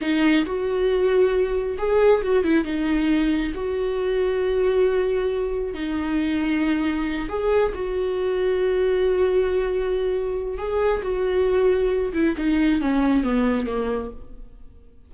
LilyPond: \new Staff \with { instrumentName = "viola" } { \time 4/4 \tempo 4 = 136 dis'4 fis'2. | gis'4 fis'8 e'8 dis'2 | fis'1~ | fis'4 dis'2.~ |
dis'8 gis'4 fis'2~ fis'8~ | fis'1 | gis'4 fis'2~ fis'8 e'8 | dis'4 cis'4 b4 ais4 | }